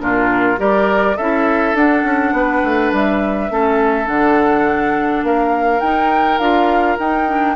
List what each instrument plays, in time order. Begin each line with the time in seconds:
0.00 bassoon A#2, clarinet D4, oboe F4, flute A#4
0.58 bassoon G3, clarinet G4, oboe A#4, flute D5
1.17 bassoon C#4, clarinet E4, oboe A4, flute E5
1.74 bassoon D4, clarinet D4, flute F#5
2.04 bassoon C#4
2.33 bassoon B3, oboe B4
2.64 bassoon A3
2.93 bassoon G3, flute E5
3.50 bassoon A3, clarinet C#4, oboe A4
4.06 bassoon D3, clarinet D4, flute F#5
5.23 bassoon A#3, oboe A#4, flute F5
5.80 bassoon D#4, clarinet D#4, flute G5
6.39 bassoon D4, clarinet F4, flute F5
6.99 clarinet D#4, bassoon D#4, flute G5
7.28 clarinet D4